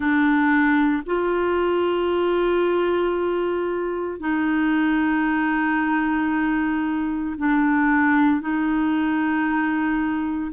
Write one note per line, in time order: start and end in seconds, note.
0.00 1.02 D4
1.05 4.19 F4
4.19 7.35 D#4
7.37 8.41 D4
8.41 10.51 D#4